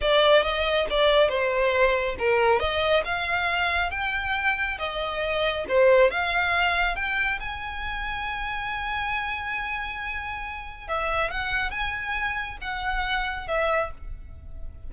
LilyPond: \new Staff \with { instrumentName = "violin" } { \time 4/4 \tempo 4 = 138 d''4 dis''4 d''4 c''4~ | c''4 ais'4 dis''4 f''4~ | f''4 g''2 dis''4~ | dis''4 c''4 f''2 |
g''4 gis''2.~ | gis''1~ | gis''4 e''4 fis''4 gis''4~ | gis''4 fis''2 e''4 | }